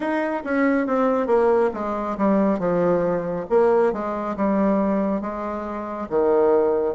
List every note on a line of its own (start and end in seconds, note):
0.00 0.42 D#4
0.44 0.86 C#4
0.86 1.26 C4
1.26 1.70 A#3
1.73 2.17 G#3
2.17 2.59 G3
2.59 3.46 F3
3.49 3.92 A#3
3.92 4.36 G#3
4.36 5.21 G3
5.21 6.08 G#3
6.09 6.95 D#3